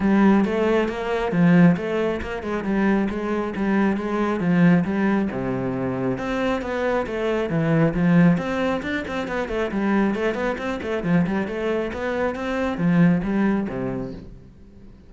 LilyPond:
\new Staff \with { instrumentName = "cello" } { \time 4/4 \tempo 4 = 136 g4 a4 ais4 f4 | a4 ais8 gis8 g4 gis4 | g4 gis4 f4 g4 | c2 c'4 b4 |
a4 e4 f4 c'4 | d'8 c'8 b8 a8 g4 a8 b8 | c'8 a8 f8 g8 a4 b4 | c'4 f4 g4 c4 | }